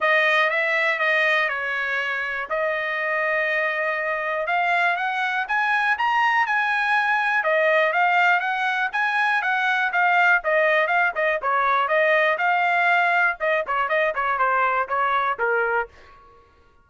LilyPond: \new Staff \with { instrumentName = "trumpet" } { \time 4/4 \tempo 4 = 121 dis''4 e''4 dis''4 cis''4~ | cis''4 dis''2.~ | dis''4 f''4 fis''4 gis''4 | ais''4 gis''2 dis''4 |
f''4 fis''4 gis''4 fis''4 | f''4 dis''4 f''8 dis''8 cis''4 | dis''4 f''2 dis''8 cis''8 | dis''8 cis''8 c''4 cis''4 ais'4 | }